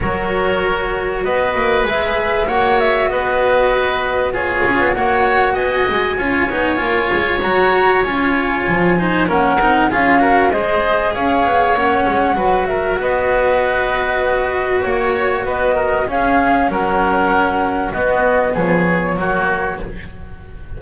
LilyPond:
<<
  \new Staff \with { instrumentName = "flute" } { \time 4/4 \tempo 4 = 97 cis''2 dis''4 e''4 | fis''8 e''8 dis''2 cis''4 | fis''4 gis''2. | ais''4 gis''2 fis''4 |
f''4 dis''4 f''4 fis''4~ | fis''8 e''8 dis''2. | cis''4 dis''4 f''4 fis''4~ | fis''4 dis''4 cis''2 | }
  \new Staff \with { instrumentName = "oboe" } { \time 4/4 ais'2 b'2 | cis''4 b'2 gis'4 | cis''4 dis''4 cis''2~ | cis''2~ cis''8 c''8 ais'4 |
gis'8 ais'8 c''4 cis''2 | b'8 ais'8 b'2. | cis''4 b'8 ais'8 gis'4 ais'4~ | ais'4 fis'4 gis'4 fis'4 | }
  \new Staff \with { instrumentName = "cello" } { \time 4/4 fis'2. gis'4 | fis'2. f'4 | fis'2 f'8 dis'8 f'4 | fis'4 f'4. dis'8 cis'8 dis'8 |
f'8 fis'8 gis'2 cis'4 | fis'1~ | fis'2 cis'2~ | cis'4 b2 ais4 | }
  \new Staff \with { instrumentName = "double bass" } { \time 4/4 fis2 b8 ais8 gis4 | ais4 b2~ b8 cis'16 b16 | ais4 b8 gis8 cis'8 b8 ais8 gis8 | fis4 cis'4 f4 ais8 c'8 |
cis'4 gis4 cis'8 b8 ais8 gis8 | fis4 b2. | ais4 b4 cis'4 fis4~ | fis4 b4 f4 fis4 | }
>>